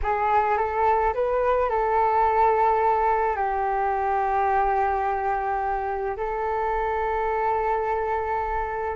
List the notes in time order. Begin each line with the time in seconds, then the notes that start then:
0.02 G#4
0.57 A4
1.14 B4
1.69 A4
3.36 G4
6.16 A4